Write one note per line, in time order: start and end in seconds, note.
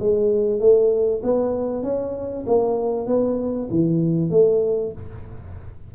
0.00 0.60 G#3
0.60 1.22 A3
1.23 1.84 B3
1.84 2.45 C#4
2.47 3.07 A#3
3.07 3.69 B3
3.71 4.30 E3
4.30 4.92 A3